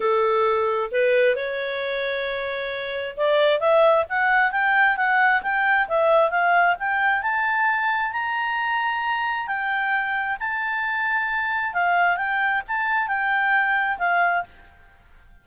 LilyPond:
\new Staff \with { instrumentName = "clarinet" } { \time 4/4 \tempo 4 = 133 a'2 b'4 cis''4~ | cis''2. d''4 | e''4 fis''4 g''4 fis''4 | g''4 e''4 f''4 g''4 |
a''2 ais''2~ | ais''4 g''2 a''4~ | a''2 f''4 g''4 | a''4 g''2 f''4 | }